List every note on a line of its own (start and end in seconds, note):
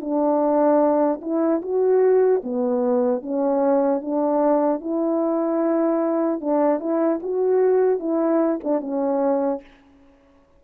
0.00 1.20 D4
1.21 1.61 E4
1.61 2.41 F#4
2.43 3.22 B3
3.22 4.01 C#4
4.01 4.80 D4
4.80 6.40 E4
6.40 6.80 D4
6.80 7.20 E4
7.22 7.99 F#4
7.99 8.59 E4
8.64 8.80 D4
8.80 9.60 C#4